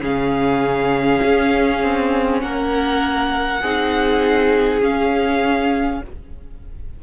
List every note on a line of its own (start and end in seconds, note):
0.00 1.20 C#3
0.00 3.62 C#4
0.00 2.43 G#4
0.00 2.41 F5
1.24 1.83 C#4
1.84 2.43 C4
2.41 3.63 A#3
2.41 3.61 A#4
2.41 4.81 F#5
3.61 4.82 C4
3.61 4.81 D#4
3.61 6.01 G#4
4.81 6.01 C#4
4.81 6.02 C#4
4.81 6.03 F5